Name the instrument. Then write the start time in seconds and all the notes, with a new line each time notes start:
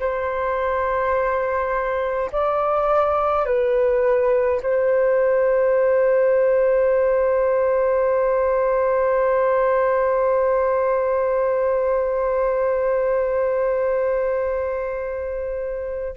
flute
0.00 C5
2.33 D5
3.46 B4
4.63 C5